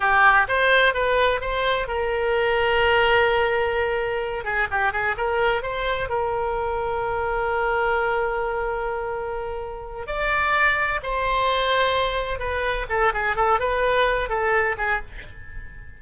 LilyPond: \new Staff \with { instrumentName = "oboe" } { \time 4/4 \tempo 4 = 128 g'4 c''4 b'4 c''4 | ais'1~ | ais'4. gis'8 g'8 gis'8 ais'4 | c''4 ais'2.~ |
ais'1~ | ais'4. d''2 c''8~ | c''2~ c''8 b'4 a'8 | gis'8 a'8 b'4. a'4 gis'8 | }